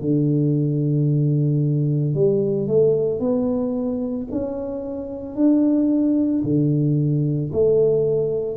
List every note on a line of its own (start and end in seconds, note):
0.00 2.14 D3
2.14 2.67 G3
2.67 3.19 A3
3.19 4.27 B3
4.31 5.35 C#4
5.35 6.42 D4
6.43 7.50 D3
7.52 8.56 A3